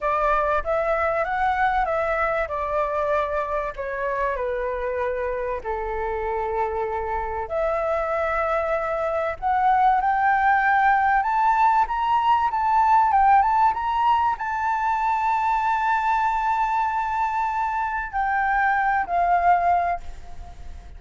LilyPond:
\new Staff \with { instrumentName = "flute" } { \time 4/4 \tempo 4 = 96 d''4 e''4 fis''4 e''4 | d''2 cis''4 b'4~ | b'4 a'2. | e''2. fis''4 |
g''2 a''4 ais''4 | a''4 g''8 a''8 ais''4 a''4~ | a''1~ | a''4 g''4. f''4. | }